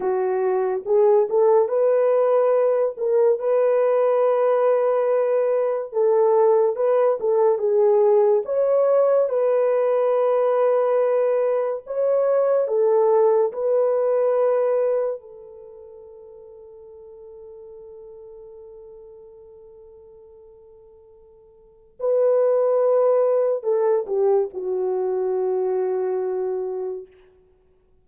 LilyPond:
\new Staff \with { instrumentName = "horn" } { \time 4/4 \tempo 4 = 71 fis'4 gis'8 a'8 b'4. ais'8 | b'2. a'4 | b'8 a'8 gis'4 cis''4 b'4~ | b'2 cis''4 a'4 |
b'2 a'2~ | a'1~ | a'2 b'2 | a'8 g'8 fis'2. | }